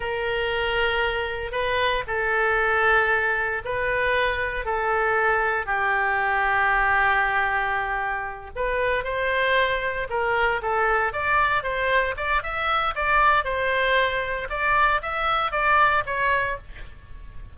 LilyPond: \new Staff \with { instrumentName = "oboe" } { \time 4/4 \tempo 4 = 116 ais'2. b'4 | a'2. b'4~ | b'4 a'2 g'4~ | g'1~ |
g'8 b'4 c''2 ais'8~ | ais'8 a'4 d''4 c''4 d''8 | e''4 d''4 c''2 | d''4 e''4 d''4 cis''4 | }